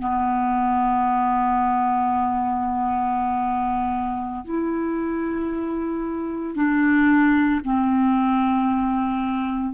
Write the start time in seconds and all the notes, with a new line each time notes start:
0.00 B3
4.45 E4
6.56 D4
7.65 C4